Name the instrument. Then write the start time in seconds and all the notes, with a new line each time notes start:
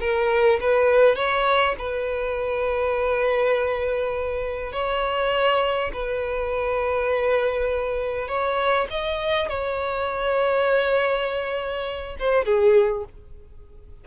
violin
0.00 A#4
0.60 B4
1.16 C#5
1.78 B4
4.72 C#5
5.93 B4
8.28 C#5
8.91 D#5
9.49 C#5
12.19 C5
12.45 G#4